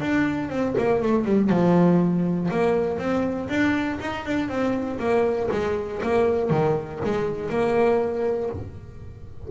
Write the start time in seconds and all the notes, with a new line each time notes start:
0.00 D4
0.49 C4
0.77 A#3
1.02 A3
1.25 G3
1.49 F3
2.50 A#3
2.98 C4
3.48 D4
4.00 D#4
4.25 D4
4.48 C4
4.99 A#3
5.51 G#3
6.02 A#3
6.50 D#3
7.04 G#3
7.49 A#3